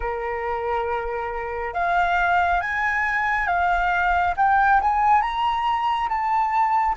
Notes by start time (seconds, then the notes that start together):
0.00 A#4
1.74 F5
2.60 G#5
3.47 F5
4.36 G5
4.81 G#5
5.21 A#5
6.08 A5